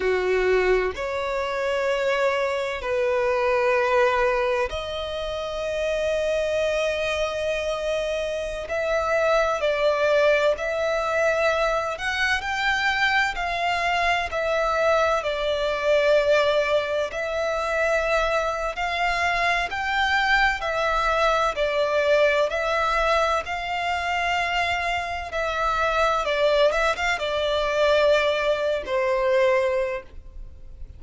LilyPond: \new Staff \with { instrumentName = "violin" } { \time 4/4 \tempo 4 = 64 fis'4 cis''2 b'4~ | b'4 dis''2.~ | dis''4~ dis''16 e''4 d''4 e''8.~ | e''8. fis''8 g''4 f''4 e''8.~ |
e''16 d''2 e''4.~ e''16 | f''4 g''4 e''4 d''4 | e''4 f''2 e''4 | d''8 e''16 f''16 d''4.~ d''16 c''4~ c''16 | }